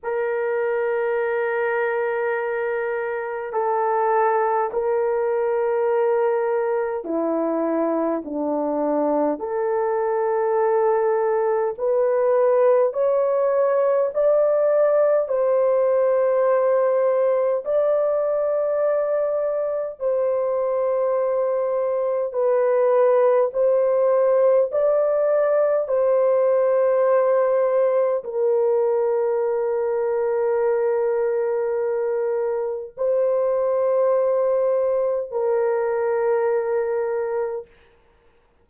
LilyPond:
\new Staff \with { instrumentName = "horn" } { \time 4/4 \tempo 4 = 51 ais'2. a'4 | ais'2 e'4 d'4 | a'2 b'4 cis''4 | d''4 c''2 d''4~ |
d''4 c''2 b'4 | c''4 d''4 c''2 | ais'1 | c''2 ais'2 | }